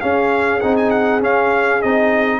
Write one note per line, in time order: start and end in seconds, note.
0.00 0.61 C#4
0.00 0.62 C#4
0.00 2.40 G#4
0.00 0.60 F5
0.60 1.22 C4
0.60 1.21 D#4
0.60 0.75 F#5
0.76 0.90 G#5
0.90 1.20 F#5
1.21 1.80 C#4
1.21 1.82 C#4
1.21 1.82 F5
1.82 2.40 C4
1.82 2.40 D#4
1.82 2.40 D#5